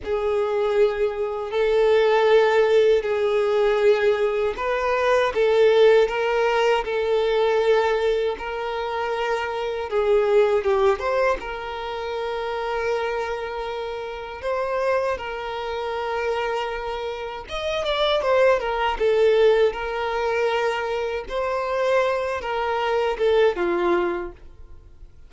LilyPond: \new Staff \with { instrumentName = "violin" } { \time 4/4 \tempo 4 = 79 gis'2 a'2 | gis'2 b'4 a'4 | ais'4 a'2 ais'4~ | ais'4 gis'4 g'8 c''8 ais'4~ |
ais'2. c''4 | ais'2. dis''8 d''8 | c''8 ais'8 a'4 ais'2 | c''4. ais'4 a'8 f'4 | }